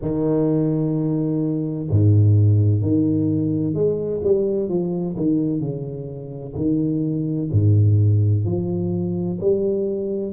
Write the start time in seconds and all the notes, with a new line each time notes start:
0.01 D#3
1.90 G#2
2.81 D#3
3.73 G#3
4.23 G3
4.69 F3
5.16 D#3
5.60 C#3
6.56 D#3
7.52 G#2
8.45 F3
9.40 G3